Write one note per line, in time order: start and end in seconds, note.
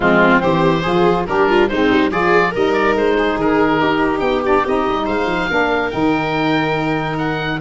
0.00 0.42 F3
0.00 0.39 G#3
0.00 0.42 C4
0.00 0.40 F4
0.39 0.85 E3
0.39 0.81 C4
0.39 0.82 G4
0.39 1.25 C5
0.82 1.27 F3
0.82 1.26 F4
0.82 1.25 G#4
1.26 1.70 G3
1.26 1.69 D4
1.26 1.48 G4
1.26 1.68 A#4
1.48 1.69 F4
1.68 1.90 G#3
1.68 2.10 C4
1.68 2.11 D#4
1.68 2.10 C5
1.90 2.11 G3
2.10 2.53 F3
2.10 2.52 F4
2.10 2.51 G#4
2.10 2.54 D5
2.51 2.95 G3
2.51 4.44 D#4
2.51 3.14 A#4
2.51 2.73 D#5
2.73 2.94 D5
2.95 3.36 G#3
2.95 3.39 C5
3.17 3.80 G#4
3.36 3.78 D#3
3.36 4.19 A#4
3.80 4.20 D#4
3.80 5.05 G4
4.19 4.62 B3
4.19 4.40 G5
4.44 4.65 D4
4.44 4.66 D5
4.65 4.87 C4
4.65 5.49 D#4
4.65 5.07 D#5
4.87 5.06 G3
5.05 5.25 G#3
5.05 5.48 C5
5.05 5.90 F5
5.25 5.46 F3
5.49 5.92 A#3
5.49 5.90 D4
5.49 7.61 A#4
5.90 7.61 D#3
5.90 7.59 D#4
5.90 7.17 G5
7.18 7.60 F#5